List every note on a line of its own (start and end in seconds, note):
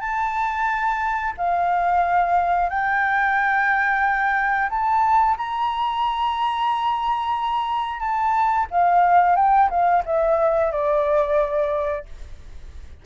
0.00 1.33 A5
1.37 2.69 F5
2.69 4.69 G5
4.69 5.36 A5
5.37 7.99 A#5
7.99 8.66 A5
8.70 9.36 F5
9.36 9.69 G5
9.69 10.03 F5
10.05 10.72 E5
10.72 12.05 D5